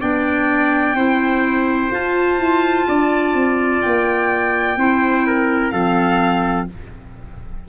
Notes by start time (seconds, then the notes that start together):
0.00 B3 D4 D5 G5
0.94 C4 E4 C5
1.90 F4 A5
2.38 E4
2.87 D4 D5
3.33 C4
3.81 A#3 G5
4.76 C4 E4 C5
5.27 A#4
5.69 F3 C4 A4 F5